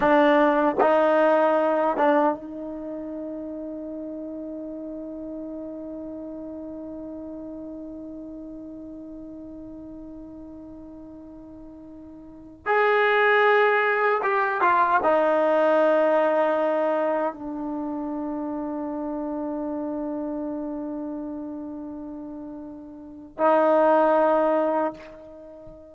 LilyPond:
\new Staff \with { instrumentName = "trombone" } { \time 4/4 \tempo 4 = 77 d'4 dis'4. d'8 dis'4~ | dis'1~ | dis'1~ | dis'1~ |
dis'16 gis'2 g'8 f'8 dis'8.~ | dis'2~ dis'16 d'4.~ d'16~ | d'1~ | d'2 dis'2 | }